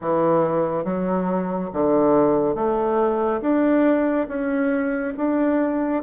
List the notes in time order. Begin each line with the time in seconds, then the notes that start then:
0.01 E3
0.84 F#3
1.73 D3
2.55 A3
3.41 D4
4.27 C#4
5.17 D4